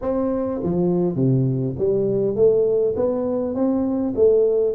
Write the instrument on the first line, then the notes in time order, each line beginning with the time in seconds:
tuba
0.01 C4
0.63 F3
1.15 C3
1.78 G3
2.35 A3
2.95 B3
3.54 C4
4.15 A3